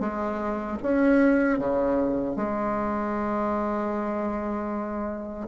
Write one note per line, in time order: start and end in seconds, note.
0.00 0.78 G#3
0.83 1.59 C#4
1.59 2.36 C#3
2.36 5.48 G#3